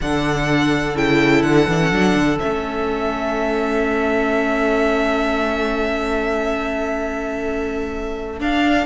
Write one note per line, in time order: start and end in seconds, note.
0.01 0.95 D3
0.01 0.96 D4
0.01 8.86 A4
0.01 0.97 F#5
0.95 1.43 C#3
0.95 1.68 E4
0.95 1.42 G5
1.42 1.67 D3
1.42 2.38 F#5
1.67 1.91 E3
1.67 1.80 D4
1.80 1.91 C#4
1.91 2.15 F#3
1.91 2.39 D4
2.15 2.39 D3
2.39 8.40 A3
2.39 8.39 C#4
2.39 8.39 E5
8.39 8.86 D4
8.39 8.86 F5